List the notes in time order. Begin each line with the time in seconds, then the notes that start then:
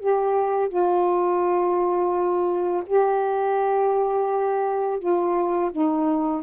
0.00 G4
0.69 F4
2.87 G4
5.00 F4
5.72 D#4